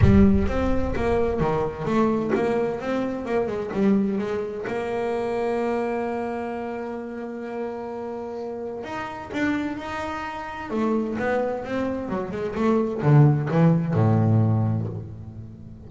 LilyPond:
\new Staff \with { instrumentName = "double bass" } { \time 4/4 \tempo 4 = 129 g4 c'4 ais4 dis4 | a4 ais4 c'4 ais8 gis8 | g4 gis4 ais2~ | ais1~ |
ais2. dis'4 | d'4 dis'2 a4 | b4 c'4 fis8 gis8 a4 | d4 e4 a,2 | }